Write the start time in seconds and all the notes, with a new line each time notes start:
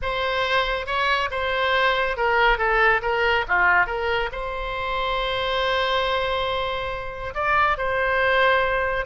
0.01 C5
0.86 C#5
1.30 C5
2.16 A#4
2.58 A4
3.01 A#4
3.47 F4
3.86 A#4
4.32 C5
7.34 D5
7.77 C5